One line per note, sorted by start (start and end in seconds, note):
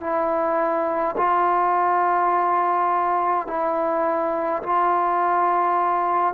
0.00 1.15 E4
1.16 3.47 F4
3.47 4.62 E4
4.63 6.34 F4